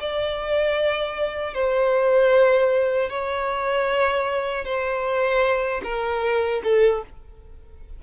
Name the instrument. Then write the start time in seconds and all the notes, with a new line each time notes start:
violin
0.00 D5
1.54 C5
3.10 C#5
4.65 C5
5.83 A#4
6.64 A4